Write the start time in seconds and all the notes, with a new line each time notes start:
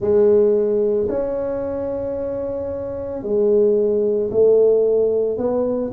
0.00 G#3
1.08 C#4
3.22 G#3
4.31 A3
5.37 B3